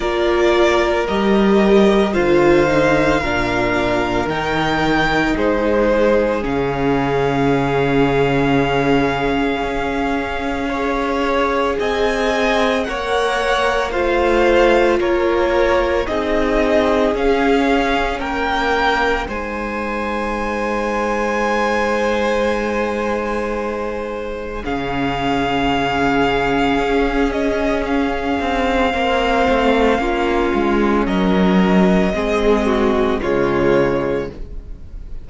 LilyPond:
<<
  \new Staff \with { instrumentName = "violin" } { \time 4/4 \tempo 4 = 56 d''4 dis''4 f''2 | g''4 c''4 f''2~ | f''2. gis''4 | fis''4 f''4 cis''4 dis''4 |
f''4 g''4 gis''2~ | gis''2. f''4~ | f''4. dis''8 f''2~ | f''4 dis''2 cis''4 | }
  \new Staff \with { instrumentName = "violin" } { \time 4/4 ais'2 c''4 ais'4~ | ais'4 gis'2.~ | gis'2 cis''4 dis''4 | cis''4 c''4 ais'4 gis'4~ |
gis'4 ais'4 c''2~ | c''2. gis'4~ | gis'2. c''4 | f'4 ais'4 gis'8 fis'8 f'4 | }
  \new Staff \with { instrumentName = "viola" } { \time 4/4 f'4 g'4 f'8 dis'8 d'4 | dis'2 cis'2~ | cis'2 gis'2 | ais'4 f'2 dis'4 |
cis'2 dis'2~ | dis'2. cis'4~ | cis'2. c'4 | cis'2 c'4 gis4 | }
  \new Staff \with { instrumentName = "cello" } { \time 4/4 ais4 g4 d4 ais,4 | dis4 gis4 cis2~ | cis4 cis'2 c'4 | ais4 a4 ais4 c'4 |
cis'4 ais4 gis2~ | gis2. cis4~ | cis4 cis'4. c'8 ais8 a8 | ais8 gis8 fis4 gis4 cis4 | }
>>